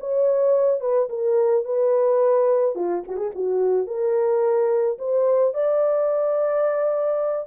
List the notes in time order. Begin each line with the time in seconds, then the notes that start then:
0.00 C#5
0.80 B4
1.09 A#4
1.65 B4
2.75 F4
3.07 F#4
3.16 G#4
3.35 F#4
3.87 A#4
4.98 C5
5.54 D5